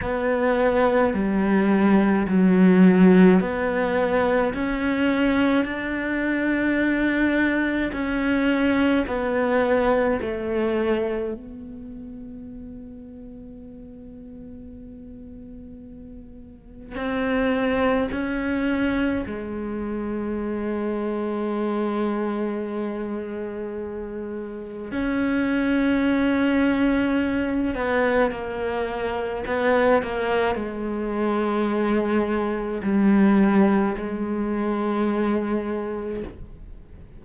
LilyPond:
\new Staff \with { instrumentName = "cello" } { \time 4/4 \tempo 4 = 53 b4 g4 fis4 b4 | cis'4 d'2 cis'4 | b4 a4 b2~ | b2. c'4 |
cis'4 gis2.~ | gis2 cis'2~ | cis'8 b8 ais4 b8 ais8 gis4~ | gis4 g4 gis2 | }